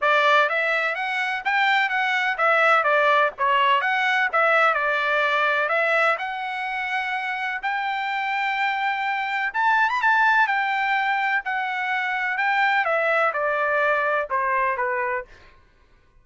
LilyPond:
\new Staff \with { instrumentName = "trumpet" } { \time 4/4 \tempo 4 = 126 d''4 e''4 fis''4 g''4 | fis''4 e''4 d''4 cis''4 | fis''4 e''4 d''2 | e''4 fis''2. |
g''1 | a''8. b''16 a''4 g''2 | fis''2 g''4 e''4 | d''2 c''4 b'4 | }